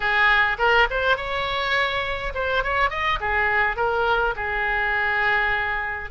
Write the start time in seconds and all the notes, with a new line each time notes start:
0.00 G#4
0.58 A#4
0.90 C5
1.16 C#5
2.34 C5
2.63 C#5
2.90 D#5
3.20 G#4
3.76 A#4
4.36 G#4